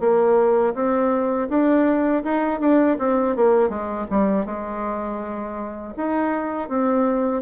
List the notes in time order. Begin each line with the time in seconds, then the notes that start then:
0.00 A#3
0.74 C4
1.49 D4
2.24 D#4
2.60 D4
2.99 C4
3.36 A#3
3.69 G#3
4.11 G3
4.46 G#3
5.97 D#4
6.69 C4